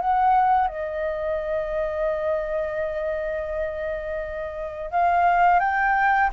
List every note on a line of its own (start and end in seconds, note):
0.00 0.67 F#5
0.67 4.91 D#5
4.91 5.59 F5
5.59 6.30 G5